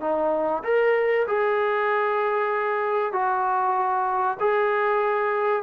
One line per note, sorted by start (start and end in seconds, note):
0.00 0.62 D#4
0.64 1.26 A#4
1.27 3.12 G#4
3.12 4.38 F#4
4.39 5.63 G#4